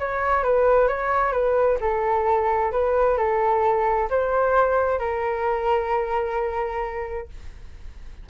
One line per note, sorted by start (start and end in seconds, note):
0.00 0.44 C#5
0.44 0.88 B4
0.88 1.33 C#5
1.33 1.79 B4
1.81 2.72 A4
2.72 3.18 B4
3.18 4.10 A4
4.10 5.00 C5
5.00 7.29 A#4